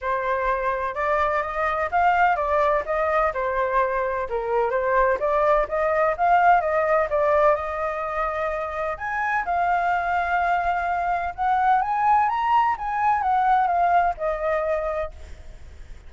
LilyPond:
\new Staff \with { instrumentName = "flute" } { \time 4/4 \tempo 4 = 127 c''2 d''4 dis''4 | f''4 d''4 dis''4 c''4~ | c''4 ais'4 c''4 d''4 | dis''4 f''4 dis''4 d''4 |
dis''2. gis''4 | f''1 | fis''4 gis''4 ais''4 gis''4 | fis''4 f''4 dis''2 | }